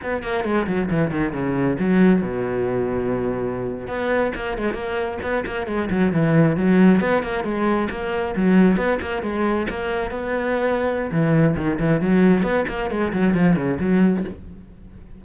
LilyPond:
\new Staff \with { instrumentName = "cello" } { \time 4/4 \tempo 4 = 135 b8 ais8 gis8 fis8 e8 dis8 cis4 | fis4 b,2.~ | b,8. b4 ais8 gis8 ais4 b16~ | b16 ais8 gis8 fis8 e4 fis4 b16~ |
b16 ais8 gis4 ais4 fis4 b16~ | b16 ais8 gis4 ais4 b4~ b16~ | b4 e4 dis8 e8 fis4 | b8 ais8 gis8 fis8 f8 cis8 fis4 | }